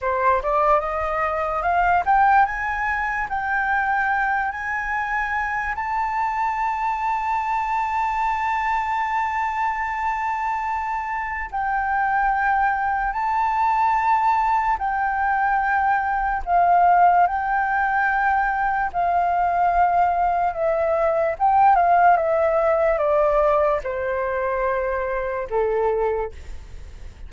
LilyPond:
\new Staff \with { instrumentName = "flute" } { \time 4/4 \tempo 4 = 73 c''8 d''8 dis''4 f''8 g''8 gis''4 | g''4. gis''4. a''4~ | a''1~ | a''2 g''2 |
a''2 g''2 | f''4 g''2 f''4~ | f''4 e''4 g''8 f''8 e''4 | d''4 c''2 a'4 | }